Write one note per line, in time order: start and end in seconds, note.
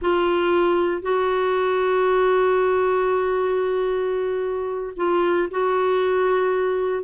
0.01 1.02 F4
1.02 4.93 F#4
4.96 5.48 F4
5.50 7.03 F#4